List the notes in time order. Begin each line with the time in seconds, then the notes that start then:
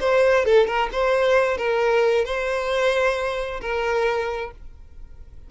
0.00 C5
0.45 A4
0.67 A#4
0.92 C5
1.57 A#4
2.25 C5
3.60 A#4